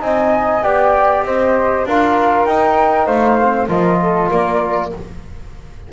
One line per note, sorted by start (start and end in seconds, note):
0.00 0.63 C4
0.00 0.61 D#4
0.00 0.63 D#5
0.00 0.62 G#5
0.62 1.23 B3
0.62 1.86 G4
0.62 1.24 D5
0.62 1.23 G5
1.23 1.85 C4
1.23 1.87 C5
1.23 1.86 D#5
1.85 2.46 D4
1.85 2.48 F4
1.85 3.06 A#4
1.85 2.45 F5
2.45 3.07 D#4
2.45 3.40 D#4
2.45 3.06 G5
3.06 3.68 A3
3.06 3.67 C5
3.06 3.67 F5
3.42 3.69 C4
3.68 4.30 F3
3.68 4.91 F4
3.68 3.98 A#4
3.68 4.30 D#5
4.02 4.29 A4
4.29 4.92 A#3
4.29 4.91 A#4
4.29 4.92 D5